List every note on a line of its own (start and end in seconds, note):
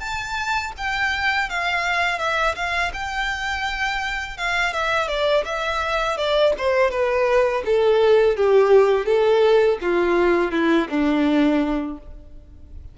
0.00 0.72 A5
0.78 1.50 G5
1.50 2.19 F5
2.19 2.55 E5
2.56 2.92 F5
2.93 4.37 G5
4.37 4.73 F5
4.73 5.08 E5
5.08 5.44 D5
5.45 6.17 E5
6.17 6.54 D5
6.58 6.91 C5
6.91 7.63 B4
7.66 8.37 A4
8.37 9.06 G4
9.06 9.78 A4
9.81 10.51 F4
10.51 10.88 E4
10.89 11.98 D4